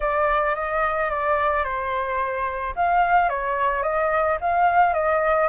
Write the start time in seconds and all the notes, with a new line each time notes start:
0.00 D5
0.55 D#5
1.10 D5
1.64 C5
2.75 F5
3.29 C#5
3.83 D#5
4.40 F5
4.93 D#5